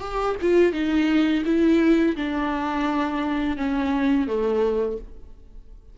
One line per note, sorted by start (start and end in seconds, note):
0.00 0.35 G4
0.41 0.72 F4
0.72 1.43 D#4
1.45 2.16 E4
2.16 3.57 D4
3.57 4.27 C#4
4.27 4.98 A3